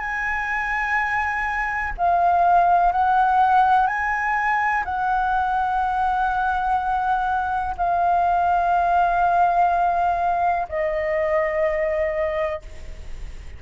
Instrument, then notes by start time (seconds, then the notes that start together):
flute
0.00 G#5
1.98 F5
2.92 F#5
3.87 G#5
4.85 F#5
7.78 F5
10.69 D#5